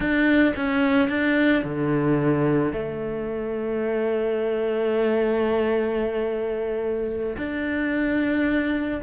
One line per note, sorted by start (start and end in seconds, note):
0.00 0.53 D4
0.56 1.08 C#4
1.08 1.63 D4
1.64 2.72 D3
2.72 7.36 A3
7.37 9.00 D4